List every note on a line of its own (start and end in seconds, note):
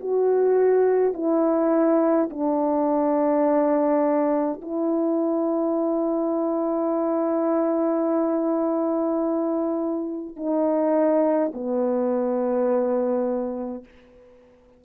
0.00 1.13 F#4
1.13 2.29 E4
2.30 4.60 D4
4.62 10.36 E4
10.36 11.52 D#4
11.53 13.84 B3